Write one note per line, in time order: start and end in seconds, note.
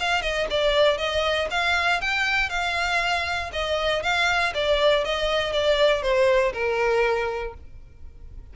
0.00 0.22 F5
0.22 0.47 D#5
0.50 0.98 D5
0.98 1.48 D#5
1.51 2.01 F5
2.01 2.50 G5
2.50 3.50 F5
3.52 4.03 D#5
4.03 4.53 F5
4.54 5.04 D5
5.05 5.53 D#5
5.53 6.02 D5
6.02 6.53 C5
6.53 7.54 A#4